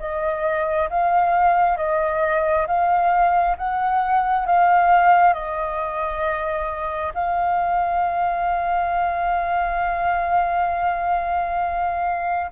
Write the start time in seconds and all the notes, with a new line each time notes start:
0.00 D#5
0.90 F5
1.78 D#5
2.67 F5
3.58 F#5
4.47 F5
5.34 D#5
7.15 F5